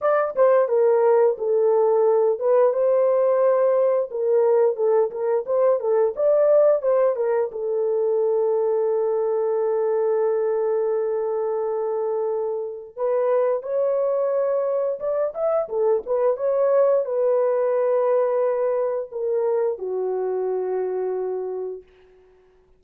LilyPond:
\new Staff \with { instrumentName = "horn" } { \time 4/4 \tempo 4 = 88 d''8 c''8 ais'4 a'4. b'8 | c''2 ais'4 a'8 ais'8 | c''8 a'8 d''4 c''8 ais'8 a'4~ | a'1~ |
a'2. b'4 | cis''2 d''8 e''8 a'8 b'8 | cis''4 b'2. | ais'4 fis'2. | }